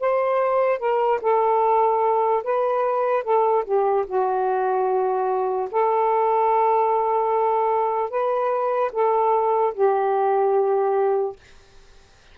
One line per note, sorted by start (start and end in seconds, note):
0.00 0.79 C5
0.79 1.19 A#4
1.21 2.43 A4
2.43 3.23 B4
3.23 3.64 A4
3.64 4.05 G4
4.06 5.68 F#4
5.71 8.10 A4
8.10 8.91 B4
8.92 9.73 A4
9.74 11.36 G4